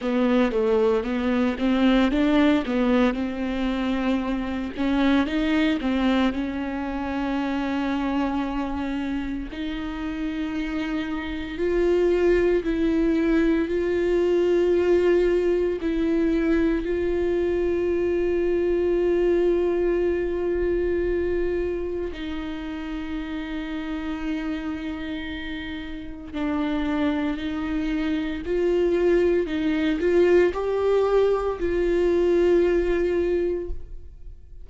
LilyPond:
\new Staff \with { instrumentName = "viola" } { \time 4/4 \tempo 4 = 57 b8 a8 b8 c'8 d'8 b8 c'4~ | c'8 cis'8 dis'8 c'8 cis'2~ | cis'4 dis'2 f'4 | e'4 f'2 e'4 |
f'1~ | f'4 dis'2.~ | dis'4 d'4 dis'4 f'4 | dis'8 f'8 g'4 f'2 | }